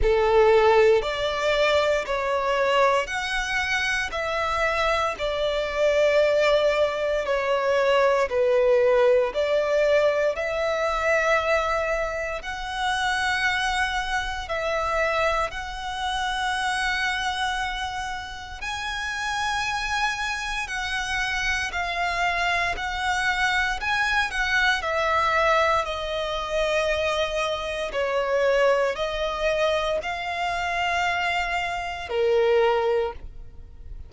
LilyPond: \new Staff \with { instrumentName = "violin" } { \time 4/4 \tempo 4 = 58 a'4 d''4 cis''4 fis''4 | e''4 d''2 cis''4 | b'4 d''4 e''2 | fis''2 e''4 fis''4~ |
fis''2 gis''2 | fis''4 f''4 fis''4 gis''8 fis''8 | e''4 dis''2 cis''4 | dis''4 f''2 ais'4 | }